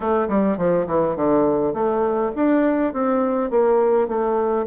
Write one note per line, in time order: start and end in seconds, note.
0.00 0.28 A3
0.28 0.57 G3
0.57 0.86 F3
0.87 1.15 E3
1.15 1.73 D3
1.73 2.31 A3
2.35 2.93 D4
2.93 3.50 C4
3.50 4.08 A#3
4.08 4.66 A3